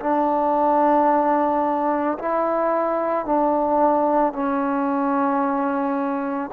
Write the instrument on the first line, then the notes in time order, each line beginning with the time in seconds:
trombone
0.00 D4
2.19 E4
3.26 D4
4.33 C#4